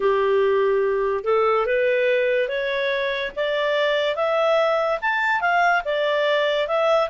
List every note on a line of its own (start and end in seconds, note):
0.00 1.24 G4
1.24 1.66 A4
1.66 2.48 B4
2.48 3.31 C#5
3.35 4.15 D5
4.15 4.98 E5
5.01 5.41 A5
5.41 5.82 F5
5.84 6.67 D5
6.67 7.09 E5